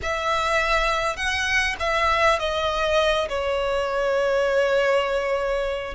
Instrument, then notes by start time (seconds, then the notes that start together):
violin
0.02 E5
1.16 F#5
1.79 E5
2.39 D#5
3.29 C#5